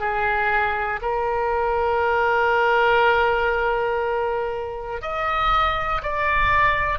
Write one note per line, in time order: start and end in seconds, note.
0.00 1.00 G#4
1.02 5.01 A#4
5.01 6.01 D#5
6.02 6.99 D5